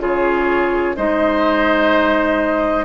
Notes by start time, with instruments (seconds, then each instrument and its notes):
0.00 bassoon C#3, clarinet F4, oboe G#4, flute C#5
0.96 bassoon G#3, clarinet D#4, oboe C5, flute D#5